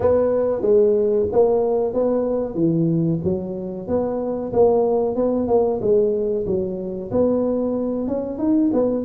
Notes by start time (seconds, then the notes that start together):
0.00 B3
0.61 G#3
1.32 A#3
1.93 B3
2.55 E3
3.23 F#3
3.87 B3
4.52 A#3
5.15 B3
5.47 A#3
5.81 G#3
6.46 F#3
7.11 B3
8.07 C#4
8.38 D#4
8.73 B3